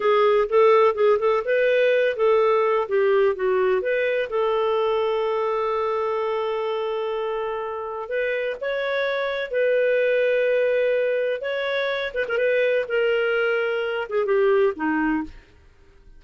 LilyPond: \new Staff \with { instrumentName = "clarinet" } { \time 4/4 \tempo 4 = 126 gis'4 a'4 gis'8 a'8 b'4~ | b'8 a'4. g'4 fis'4 | b'4 a'2.~ | a'1~ |
a'4 b'4 cis''2 | b'1 | cis''4. b'16 ais'16 b'4 ais'4~ | ais'4. gis'8 g'4 dis'4 | }